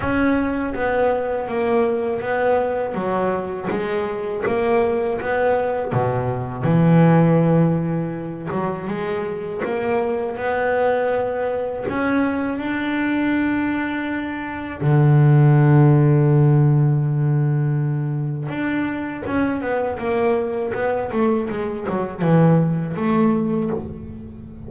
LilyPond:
\new Staff \with { instrumentName = "double bass" } { \time 4/4 \tempo 4 = 81 cis'4 b4 ais4 b4 | fis4 gis4 ais4 b4 | b,4 e2~ e8 fis8 | gis4 ais4 b2 |
cis'4 d'2. | d1~ | d4 d'4 cis'8 b8 ais4 | b8 a8 gis8 fis8 e4 a4 | }